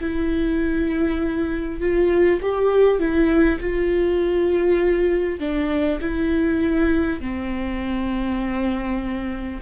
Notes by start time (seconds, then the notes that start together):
0.00 E4
1.80 F4
2.41 G4
2.99 E4
3.60 F4
5.39 D4
6.01 E4
7.21 C4